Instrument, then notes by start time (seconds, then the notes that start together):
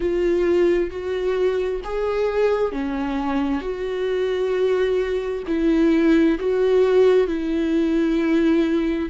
viola
0.00 F4
0.90 F#4
1.84 G#4
2.71 C#4
3.61 F#4
5.47 E4
6.39 F#4
7.27 E4